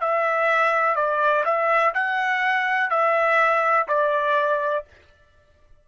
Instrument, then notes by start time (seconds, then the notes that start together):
trumpet
0.00 E5
0.95 D5
1.45 E5
1.94 F#5
2.90 E5
3.88 D5